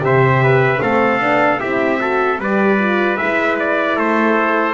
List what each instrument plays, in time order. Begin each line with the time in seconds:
0.00 double bass C3, horn G4, trumpet C5 E5
0.43 trumpet B4
0.82 double bass A3, horn C4, trumpet A4 F5
1.20 double bass B3, horn D4
1.60 double bass C4, horn E4, trumpet G4 E5
1.99 horn F#4, trumpet A4
2.38 double bass G3, horn G4, trumpet B4 D5
2.79 horn F4
3.17 double bass G#3, horn E4, trumpet E5
3.59 trumpet D5
3.96 double bass A3, trumpet A4 C5